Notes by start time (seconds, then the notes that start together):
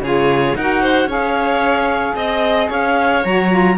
0.00 C#3 F4 G#4 C#5
0.56 D#4 F#4 A#4 F#5
0.82 C5
1.05 C#4 G#4 C#5
1.11 F5
2.15 C4 D#5
2.69 C#4 C#5 F5
3.24 F#3 F#4 A#5
3.49 F4